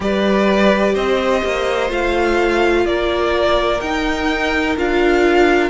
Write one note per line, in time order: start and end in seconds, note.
0.00 0.94 G3
0.00 1.88 G4
0.00 0.93 B4
0.00 0.95 D5
0.93 1.42 C4
0.93 2.84 C5
0.93 1.90 D#5
1.44 1.90 A#3
1.88 2.85 A3
1.88 3.79 F4
1.88 2.86 F5
2.85 3.80 A#3
2.85 5.69 A#4
2.85 3.80 D5
3.80 4.76 D#4
3.80 4.77 D#4
3.80 4.76 G5
4.77 5.69 D4
4.77 5.69 F4
4.77 5.69 F5